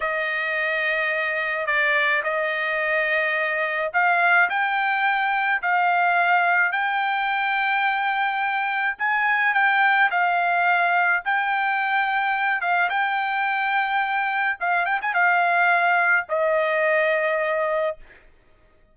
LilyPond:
\new Staff \with { instrumentName = "trumpet" } { \time 4/4 \tempo 4 = 107 dis''2. d''4 | dis''2. f''4 | g''2 f''2 | g''1 |
gis''4 g''4 f''2 | g''2~ g''8 f''8 g''4~ | g''2 f''8 g''16 gis''16 f''4~ | f''4 dis''2. | }